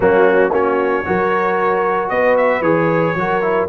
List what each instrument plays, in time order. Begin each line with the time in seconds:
0.00 tuba F#3, trombone A#3, horn C#4, trumpet F#4
0.50 tuba A#3, trombone C#4, horn F#4, trumpet C#5
1.05 tuba F#3, trombone F#4, horn A#4
2.09 tuba B3, horn B4, trumpet D#5
2.37 trumpet E5
2.61 tuba E3, trombone G#4, trumpet C#5
3.15 tuba F#3, trombone F#4, horn A#4
3.42 trombone E4